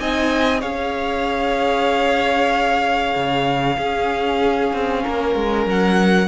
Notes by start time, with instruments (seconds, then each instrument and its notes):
0.00 cello C4, viola D#4, violin D#5 G#5
0.61 cello C#4, viola G#4, violin C#5 F5
3.16 cello C#3
3.76 viola C#4, cello C#4, violin G#4
4.73 cello C4
5.04 cello A#3, violin A#4
5.36 cello G#3
5.67 cello F#3, violin F#5